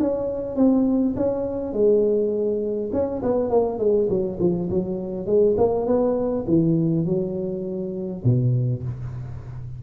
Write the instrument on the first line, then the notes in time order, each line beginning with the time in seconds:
tuba
0.00 C#4
0.56 C4
1.17 C#4
1.74 G#3
2.93 C#4
3.23 B3
3.50 A#3
3.79 G#3
4.10 F#3
4.40 F3
4.70 F#3
5.27 G#3
5.58 A#3
5.87 B3
6.48 E3
7.06 F#3
8.25 B2